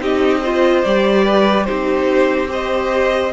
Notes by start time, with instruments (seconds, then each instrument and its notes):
0.00 cello C4, viola D#4, violin G4 D#5
0.41 viola F4, violin C5
0.85 cello G3, viola G4, violin D5
1.24 violin B4
1.64 viola D#4, violin G4 C5
1.70 cello C4
2.47 viola G4, violin C5 D#5